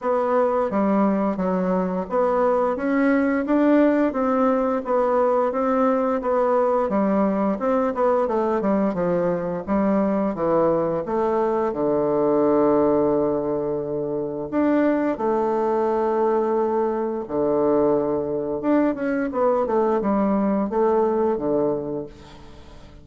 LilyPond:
\new Staff \with { instrumentName = "bassoon" } { \time 4/4 \tempo 4 = 87 b4 g4 fis4 b4 | cis'4 d'4 c'4 b4 | c'4 b4 g4 c'8 b8 | a8 g8 f4 g4 e4 |
a4 d2.~ | d4 d'4 a2~ | a4 d2 d'8 cis'8 | b8 a8 g4 a4 d4 | }